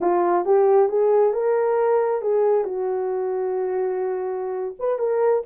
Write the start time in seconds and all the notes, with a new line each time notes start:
0.00 F4
0.45 G4
0.88 G#4
1.33 A#4
2.21 G#4
2.64 F#4
4.79 B4
4.99 A#4